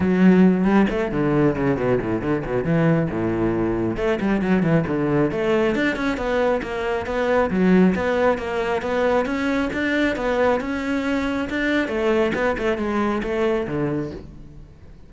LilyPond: \new Staff \with { instrumentName = "cello" } { \time 4/4 \tempo 4 = 136 fis4. g8 a8 d4 cis8 | b,8 a,8 d8 b,8 e4 a,4~ | a,4 a8 g8 fis8 e8 d4 | a4 d'8 cis'8 b4 ais4 |
b4 fis4 b4 ais4 | b4 cis'4 d'4 b4 | cis'2 d'4 a4 | b8 a8 gis4 a4 d4 | }